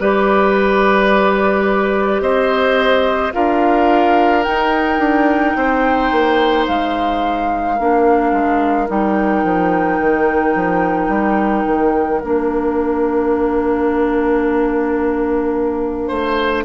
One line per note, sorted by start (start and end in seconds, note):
0.00 2.21 G3
0.00 3.33 G4
0.00 2.22 B4
0.00 2.22 D5
2.21 3.32 C4
2.21 3.34 C5
2.21 3.33 D#5
3.33 4.47 D4
3.33 4.44 F4
3.33 5.57 A#4
3.33 4.44 F5
4.44 7.78 D#4
4.44 4.99 D#4
4.44 6.66 G5
4.99 5.54 D4
5.56 6.12 C4
5.56 7.76 C5
6.12 6.67 A#3
6.67 7.80 G#3
6.67 8.90 F5
7.76 8.33 A#3
7.76 8.88 D4
7.76 16.08 A#4
8.33 8.88 G#3
8.88 9.44 G3
8.88 12.21 D#4
8.88 12.22 G5
9.44 10.00 F3
10.00 10.56 D#3
10.56 11.09 F3
11.09 11.64 G3
11.67 12.22 D#3
12.22 16.11 A#3
12.22 16.66 D4
12.22 16.66 F5
16.08 16.66 A3
16.08 16.64 C5